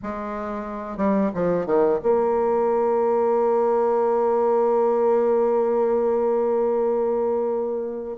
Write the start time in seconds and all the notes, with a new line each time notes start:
0.02 G#3
0.97 G3
1.34 F3
1.65 D#3
2.02 A#3